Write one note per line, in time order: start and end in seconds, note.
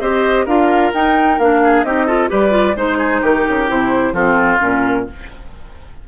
0.00 0.46 C4
0.00 0.47 G4
0.00 0.45 C5
0.00 0.46 D#5
0.45 0.91 D4
0.45 0.93 F4
0.45 1.60 A#4
0.45 0.92 F5
0.94 1.38 D#4
0.94 1.40 D#4
0.94 1.39 G5
1.38 1.83 A#3
1.38 1.86 D4
1.38 1.83 F5
1.64 1.85 G#4
1.83 2.29 C4
1.83 2.08 D#4
1.83 2.06 G4
1.83 2.29 D#5
2.06 2.29 F4
2.06 2.29 A4
2.29 2.75 G3
2.29 2.50 G4
2.29 2.76 B4
2.29 2.78 D5
2.50 2.73 F4
2.75 3.21 G#3
2.75 3.67 D#4
2.75 2.98 C5
2.75 3.24 C5
2.98 3.21 G#4
3.21 3.46 D#3
3.21 4.13 G4
3.21 3.70 A#4
3.48 3.70 C#3
3.67 4.12 C3
3.67 4.13 E4
3.67 4.14 C5
4.12 4.58 F3
4.12 4.59 C4
4.12 5.05 F4
4.12 4.60 A4
4.59 5.08 A#2
4.59 5.05 C#4
4.59 5.07 A#4